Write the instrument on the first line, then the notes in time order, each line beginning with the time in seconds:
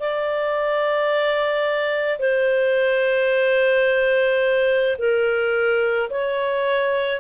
clarinet
0.00 D5
2.19 C5
4.98 A#4
6.10 C#5